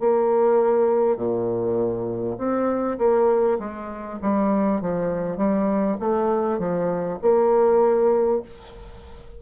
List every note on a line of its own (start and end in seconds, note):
0.00 1.17 A#3
1.17 2.37 A#2
2.38 2.98 C4
2.98 3.58 A#3
3.59 4.19 G#3
4.22 4.81 G3
4.81 5.37 F3
5.37 5.97 G3
6.00 6.59 A3
6.59 7.19 F3
7.22 8.42 A#3